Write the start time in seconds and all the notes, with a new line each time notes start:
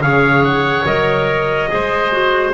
0.00 C#3 G#4 C#5 F5
0.43 F#5
0.85 F#3 A#4 D#5
1.68 G#3 G#4 C5
2.11 F#4